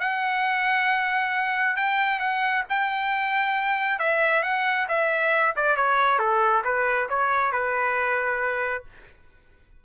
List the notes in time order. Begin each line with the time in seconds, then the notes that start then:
0.00 F#5
1.76 G5
2.20 F#5
2.69 G5
3.99 E5
4.43 F#5
4.89 E5
5.56 D5
5.76 C#5
6.19 A4
6.64 B4
7.09 C#5
7.52 B4